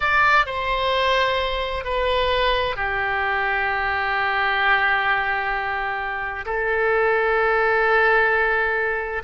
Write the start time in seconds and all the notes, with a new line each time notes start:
0.00 D5
0.46 C5
1.84 B4
2.76 G4
6.45 A4